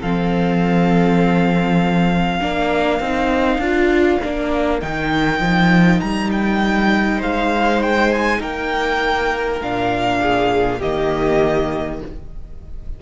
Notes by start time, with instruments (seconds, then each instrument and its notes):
0.00 cello F3, viola C4, violin A4 F5
2.38 cello A#3, viola D4, violin A#4
3.00 cello C4, viola D#4
3.58 cello D4, viola F4
4.22 cello A#3, viola D4
4.81 cello D#3, viola D#4, violin G5
5.41 cello F3
6.00 cello G3, violin A#5
6.32 violin G5
7.18 cello G#3, violin C5 F5
7.83 violin G5
8.12 violin G#5
8.40 cello A#3, violin A#4 G5
9.62 cello A#2, viola D4, violin F5
10.22 violin G#4
10.80 cello D#3, viola A#3, violin G4 D#5